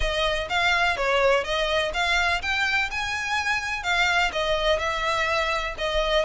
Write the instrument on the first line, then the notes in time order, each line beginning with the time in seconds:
violin
0.00 D#5
0.49 F5
0.96 C#5
1.44 D#5
1.93 F5
2.42 G5
2.91 G#5
3.83 F5
4.32 D#5
4.78 E5
5.77 D#5